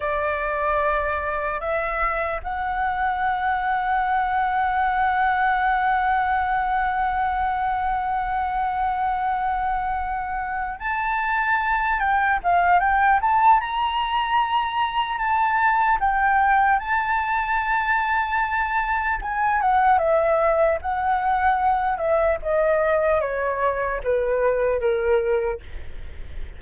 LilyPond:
\new Staff \with { instrumentName = "flute" } { \time 4/4 \tempo 4 = 75 d''2 e''4 fis''4~ | fis''1~ | fis''1~ | fis''4. a''4. g''8 f''8 |
g''8 a''8 ais''2 a''4 | g''4 a''2. | gis''8 fis''8 e''4 fis''4. e''8 | dis''4 cis''4 b'4 ais'4 | }